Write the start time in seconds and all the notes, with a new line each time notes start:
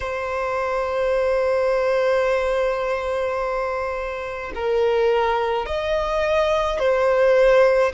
0.00 C5
4.54 A#4
5.66 D#5
6.79 C5